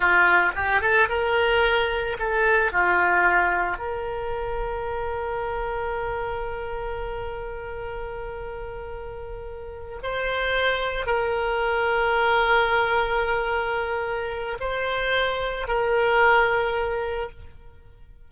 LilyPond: \new Staff \with { instrumentName = "oboe" } { \time 4/4 \tempo 4 = 111 f'4 g'8 a'8 ais'2 | a'4 f'2 ais'4~ | ais'1~ | ais'1~ |
ais'2~ ais'8 c''4.~ | c''8 ais'2.~ ais'8~ | ais'2. c''4~ | c''4 ais'2. | }